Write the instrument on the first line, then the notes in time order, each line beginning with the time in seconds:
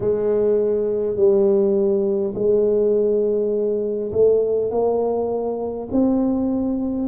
tuba
0.00 G#3
1.16 G3
2.35 G#3
4.12 A3
4.71 A#3
5.91 C4